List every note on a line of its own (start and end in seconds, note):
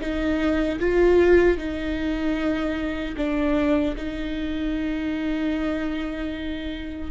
0.00 0.79 D#4
0.79 1.57 F4
1.57 3.15 D#4
3.17 3.95 D4
3.96 7.11 D#4